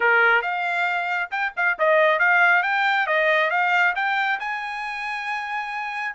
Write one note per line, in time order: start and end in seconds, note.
0.00 0.42 A#4
0.42 1.29 F5
1.30 1.52 G5
1.56 1.78 F5
1.78 2.19 D#5
2.19 2.63 F5
2.63 3.06 G5
3.06 3.50 D#5
3.50 3.94 F5
3.95 4.39 G5
4.39 6.14 G#5